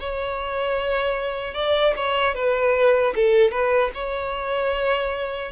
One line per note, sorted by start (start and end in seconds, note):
0.00 1.55 C#5
1.55 1.94 D5
1.97 2.35 C#5
2.35 3.14 B4
3.15 3.52 A4
3.52 3.91 B4
3.94 5.52 C#5